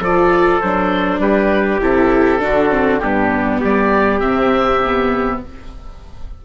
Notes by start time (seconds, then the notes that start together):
0.00 F3 F4 A4 D5
0.61 F#3 D4 C5
1.19 G3 G4 B4
1.80 C3 E4 A4
2.40 D3 D4 F#4
2.70 C4
2.99 G2 B3 D4 G4
3.60 G3 G4 D5
4.20 C3 C4 E5
4.85 B3